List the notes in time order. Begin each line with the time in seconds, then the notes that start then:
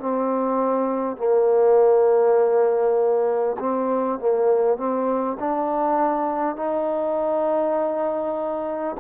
0.00 C4
1.17 A#3
3.59 C4
4.19 A#3
4.78 C4
5.40 D4
6.56 D#4